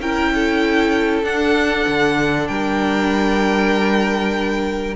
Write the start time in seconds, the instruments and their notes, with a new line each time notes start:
0.00 cello C#4, viola E4, violin A#4 G5
0.35 violin A4
1.23 cello D4, viola D4, violin F#5
1.87 cello D3
2.48 cello G3, violin A#4 G5